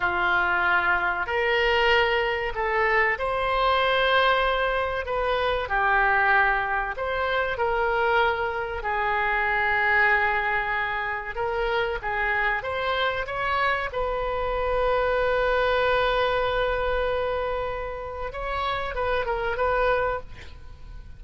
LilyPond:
\new Staff \with { instrumentName = "oboe" } { \time 4/4 \tempo 4 = 95 f'2 ais'2 | a'4 c''2. | b'4 g'2 c''4 | ais'2 gis'2~ |
gis'2 ais'4 gis'4 | c''4 cis''4 b'2~ | b'1~ | b'4 cis''4 b'8 ais'8 b'4 | }